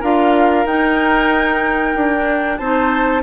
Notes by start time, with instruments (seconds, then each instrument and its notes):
0.00 bassoon D4, clarinet F4, oboe A#4, flute F5
0.66 bassoon D#4, clarinet D#4, flute G5
1.95 bassoon D4
2.14 clarinet D4
2.58 bassoon C4, clarinet D#4, oboe C5, flute A5